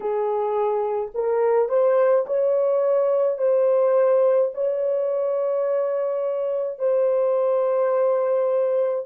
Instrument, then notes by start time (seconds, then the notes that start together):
horn
0.00 G#4
1.14 A#4
1.68 C5
2.26 C#5
3.38 C5
4.53 C#5
6.79 C5